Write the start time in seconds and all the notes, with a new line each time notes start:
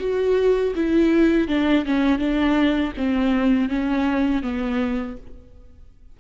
0.00 F#4
0.76 E4
1.48 D4
1.86 C#4
2.19 D4
2.98 C4
3.70 C#4
4.43 B3